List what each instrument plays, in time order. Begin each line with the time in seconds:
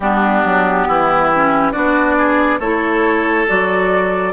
0.00 bassoon G3, clarinet B3, oboe D4, flute G4
0.44 bassoon F#3
0.87 bassoon E3, oboe E4
1.34 clarinet C#4
1.72 bassoon B3, clarinet D4, oboe F#4, flute D5
2.18 oboe G#4
2.59 bassoon A3, clarinet E4, oboe A4, flute C#5
3.47 bassoon F#3, clarinet F#4, flute D5